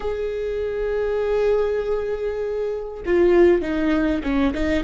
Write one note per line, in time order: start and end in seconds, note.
0.00 3.03 G#4
3.05 3.61 F4
3.61 4.22 D#4
4.23 4.53 C#4
4.53 4.83 D#4